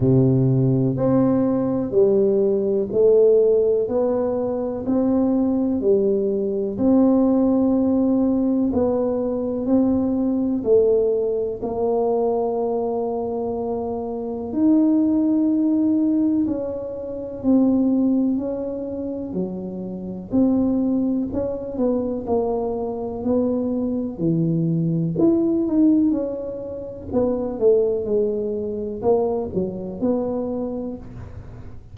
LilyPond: \new Staff \with { instrumentName = "tuba" } { \time 4/4 \tempo 4 = 62 c4 c'4 g4 a4 | b4 c'4 g4 c'4~ | c'4 b4 c'4 a4 | ais2. dis'4~ |
dis'4 cis'4 c'4 cis'4 | fis4 c'4 cis'8 b8 ais4 | b4 e4 e'8 dis'8 cis'4 | b8 a8 gis4 ais8 fis8 b4 | }